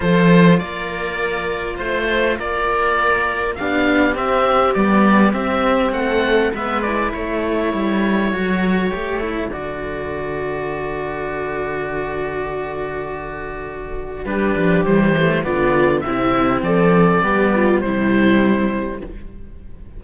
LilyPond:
<<
  \new Staff \with { instrumentName = "oboe" } { \time 4/4 \tempo 4 = 101 c''4 d''2 c''4 | d''2 f''4 e''4 | d''4 e''4 fis''4 e''8 d''8 | cis''1 |
d''1~ | d''1 | b'4 c''4 d''4 e''4 | d''2 c''2 | }
  \new Staff \with { instrumentName = "viola" } { \time 4/4 a'4 ais'2 c''4 | ais'2 g'2~ | g'2 a'4 b'4 | a'1~ |
a'1~ | a'1 | g'2 f'4 e'4 | a'4 g'8 f'8 e'2 | }
  \new Staff \with { instrumentName = "cello" } { \time 4/4 f'1~ | f'2 d'4 c'4 | g4 c'2 b8 e'8~ | e'2 fis'4 g'8 e'8 |
fis'1~ | fis'1 | d'4 g8 a8 b4 c'4~ | c'4 b4 g2 | }
  \new Staff \with { instrumentName = "cello" } { \time 4/4 f4 ais2 a4 | ais2 b4 c'4 | b4 c'4 a4 gis4 | a4 g4 fis4 a4 |
d1~ | d1 | g8 f8 e4 d4 c4 | f4 g4 c2 | }
>>